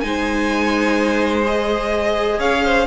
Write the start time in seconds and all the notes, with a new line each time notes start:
0.00 G#3 D#4 C5 G#5
1.45 G#4 D#5
2.38 C#4 C#5 F5
2.64 C5